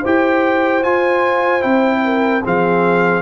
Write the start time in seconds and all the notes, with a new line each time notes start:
0.00 E4 G4 C5 G5
0.83 F4 G#5
1.60 C4 E4 G5
2.04 A#4
2.43 F3 C4 G#4 F5